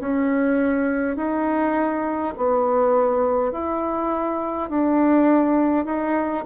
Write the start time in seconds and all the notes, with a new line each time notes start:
0.00 C#4
1.16 D#4
2.37 B3
3.52 E4
4.70 D4
5.85 D#4